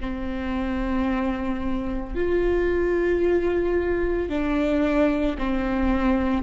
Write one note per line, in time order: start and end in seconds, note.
0.00 2.14 C4
2.15 4.29 F4
4.29 5.36 D4
5.38 6.43 C4